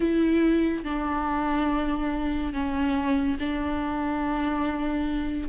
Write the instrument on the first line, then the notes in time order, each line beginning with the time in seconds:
viola
0.00 E4
0.84 D4
2.53 C#4
3.39 D4